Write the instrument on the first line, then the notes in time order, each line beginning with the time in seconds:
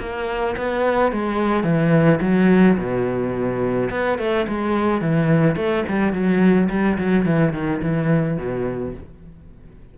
cello
0.00 A#3
0.57 B3
1.13 G#3
1.64 E3
2.21 F#3
2.78 B2
3.91 B3
4.19 A3
4.49 G#3
5.02 E3
5.56 A3
5.89 G3
6.13 F#3
6.70 G3
6.98 F#3
7.26 E3
7.54 D#3
7.82 E3
8.38 B2